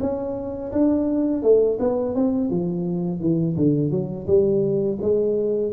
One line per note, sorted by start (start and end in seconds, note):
0.00 0.71 C#4
0.72 1.42 D4
1.42 1.78 A3
1.79 2.15 B3
2.15 2.50 C4
2.50 3.20 F3
3.20 3.56 E3
3.56 3.91 D3
3.91 4.26 F#3
4.27 4.98 G3
5.01 5.72 G#3